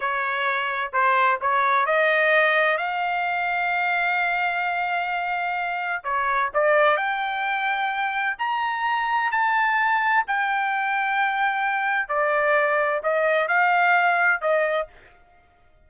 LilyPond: \new Staff \with { instrumentName = "trumpet" } { \time 4/4 \tempo 4 = 129 cis''2 c''4 cis''4 | dis''2 f''2~ | f''1~ | f''4 cis''4 d''4 g''4~ |
g''2 ais''2 | a''2 g''2~ | g''2 d''2 | dis''4 f''2 dis''4 | }